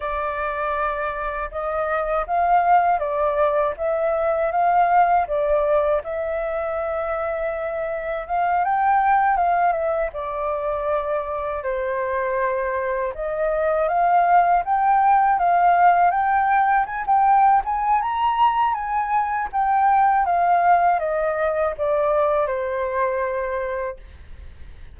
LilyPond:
\new Staff \with { instrumentName = "flute" } { \time 4/4 \tempo 4 = 80 d''2 dis''4 f''4 | d''4 e''4 f''4 d''4 | e''2. f''8 g''8~ | g''8 f''8 e''8 d''2 c''8~ |
c''4. dis''4 f''4 g''8~ | g''8 f''4 g''4 gis''16 g''8. gis''8 | ais''4 gis''4 g''4 f''4 | dis''4 d''4 c''2 | }